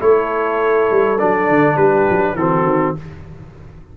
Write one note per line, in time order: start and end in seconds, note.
0.00 0.89 A3
0.00 1.18 E4
0.00 1.76 A4
0.00 1.19 C#5
0.91 1.20 G3
1.19 1.50 F#3
1.19 2.37 D4
1.19 1.77 D5
1.50 1.77 D3
1.76 2.06 G3
1.76 2.35 G4
1.76 2.36 B4
2.10 2.35 F#3
2.35 2.63 E3
2.35 2.97 C4
2.35 2.97 F#4
2.35 2.95 A4
2.63 2.93 D#3